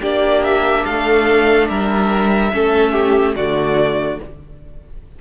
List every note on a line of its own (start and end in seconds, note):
0.00 0.85 A#3
0.00 2.51 D4
0.00 0.83 G4
0.00 0.44 D5
0.44 0.85 E5
0.84 1.69 A3
0.84 1.68 A4
0.84 1.68 F5
1.68 2.53 G3
1.68 2.52 A#4
1.68 3.35 E5
2.52 3.35 A3
2.52 3.35 C#4
2.52 2.92 A4
2.92 3.34 G4
3.35 4.19 D3
3.35 4.21 A3
3.35 4.19 F#4
3.35 4.19 D5